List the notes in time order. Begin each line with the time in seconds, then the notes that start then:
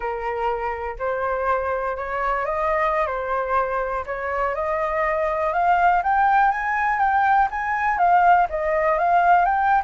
0.00 A#4
0.98 C5
1.96 C#5
2.45 D#5
3.06 C5
4.06 C#5
4.54 D#5
5.53 F5
6.03 G5
6.51 G#5
6.99 G5
7.50 G#5
7.97 F5
8.49 D#5
8.98 F5
9.45 G5